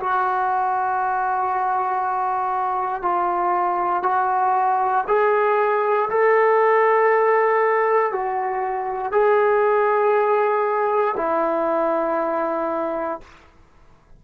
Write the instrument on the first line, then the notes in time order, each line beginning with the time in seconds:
trombone
0.00 F#4
3.02 F4
4.03 F#4
5.08 G#4
6.10 A4
8.13 F#4
9.12 G#4
11.17 E4